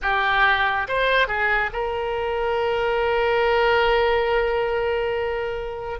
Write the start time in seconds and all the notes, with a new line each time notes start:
0.02 G4
0.88 C5
1.27 G#4
1.73 A#4